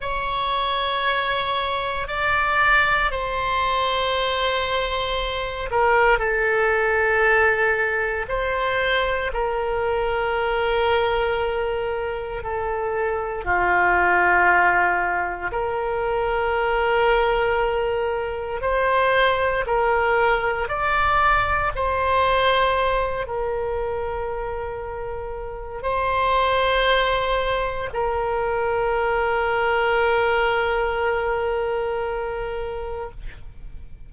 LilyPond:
\new Staff \with { instrumentName = "oboe" } { \time 4/4 \tempo 4 = 58 cis''2 d''4 c''4~ | c''4. ais'8 a'2 | c''4 ais'2. | a'4 f'2 ais'4~ |
ais'2 c''4 ais'4 | d''4 c''4. ais'4.~ | ais'4 c''2 ais'4~ | ais'1 | }